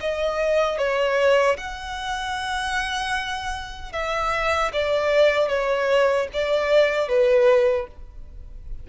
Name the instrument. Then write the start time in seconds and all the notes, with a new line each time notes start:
violin
0.00 D#5
0.78 C#5
1.57 F#5
3.92 E5
4.73 D5
5.48 C#5
6.33 D5
7.08 B4